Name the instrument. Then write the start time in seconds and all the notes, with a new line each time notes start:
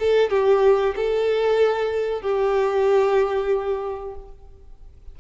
violin
0.00 A4
0.30 G4
0.96 A4
2.22 G4